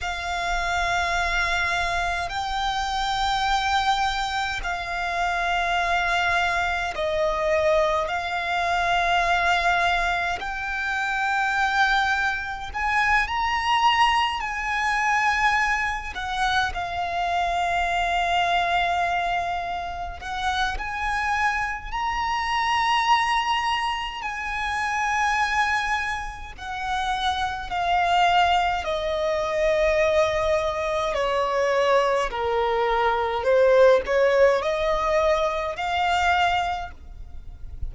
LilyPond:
\new Staff \with { instrumentName = "violin" } { \time 4/4 \tempo 4 = 52 f''2 g''2 | f''2 dis''4 f''4~ | f''4 g''2 gis''8 ais''8~ | ais''8 gis''4. fis''8 f''4.~ |
f''4. fis''8 gis''4 ais''4~ | ais''4 gis''2 fis''4 | f''4 dis''2 cis''4 | ais'4 c''8 cis''8 dis''4 f''4 | }